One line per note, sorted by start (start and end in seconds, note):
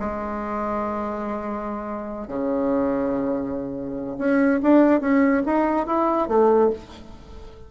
0.00 2.28 G#3
2.28 4.17 C#3
4.19 4.61 C#4
4.63 5.01 D4
5.01 5.43 C#4
5.46 5.87 D#4
5.87 6.29 E4
6.29 6.71 A3